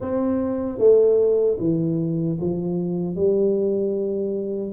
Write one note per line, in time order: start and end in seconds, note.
0.00 0.78 C4
0.78 1.57 A3
1.59 2.38 E3
2.40 3.15 F3
3.15 4.73 G3